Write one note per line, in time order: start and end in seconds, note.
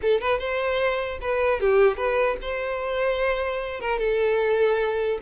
0.01 0.20 A4
0.20 0.39 B4
0.39 1.19 C5
1.21 1.60 B4
1.60 1.96 G4
1.96 2.36 B4
2.41 3.80 C5
3.80 3.99 A#4
3.99 5.19 A4